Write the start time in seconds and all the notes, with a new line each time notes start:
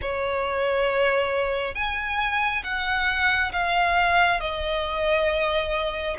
0.01 C#5
1.74 G#5
2.63 F#5
3.52 F5
4.40 D#5